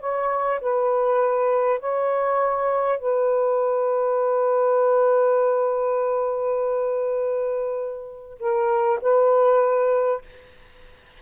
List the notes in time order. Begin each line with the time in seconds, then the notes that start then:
0.00 C#5
0.60 B4
1.79 C#5
2.98 B4
8.39 A#4
9.01 B4